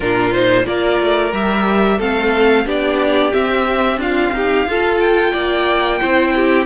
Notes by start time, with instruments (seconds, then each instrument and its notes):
0.00 cello A#2, viola D4, violin F4 A#4
0.32 viola D#4, violin C5
0.64 cello A#3, viola F4, violin A#4 D5
1.00 cello A3
1.32 cello G3, viola G4, violin E5
1.98 cello A3, viola C4, violin A4 F5
2.65 cello B3, viola D4, violin G4 D5
3.31 viola C4, cello C4, violin E5
3.96 cello D4, violin F4 F5
4.32 cello D#4, violin G4
4.65 cello F4, viola F4, violin A4
5.00 violin G5
5.32 cello A#3, violin D5
6.00 cello C4, viola E4, violin C5
6.34 violin G4